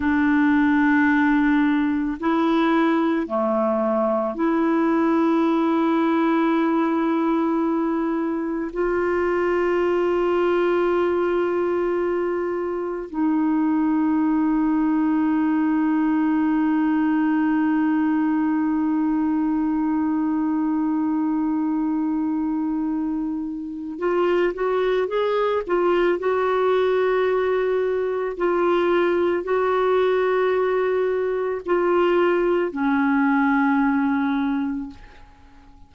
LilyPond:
\new Staff \with { instrumentName = "clarinet" } { \time 4/4 \tempo 4 = 55 d'2 e'4 a4 | e'1 | f'1 | dis'1~ |
dis'1~ | dis'2 f'8 fis'8 gis'8 f'8 | fis'2 f'4 fis'4~ | fis'4 f'4 cis'2 | }